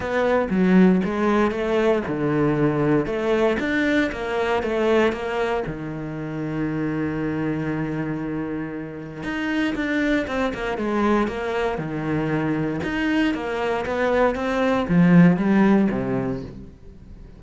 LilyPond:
\new Staff \with { instrumentName = "cello" } { \time 4/4 \tempo 4 = 117 b4 fis4 gis4 a4 | d2 a4 d'4 | ais4 a4 ais4 dis4~ | dis1~ |
dis2 dis'4 d'4 | c'8 ais8 gis4 ais4 dis4~ | dis4 dis'4 ais4 b4 | c'4 f4 g4 c4 | }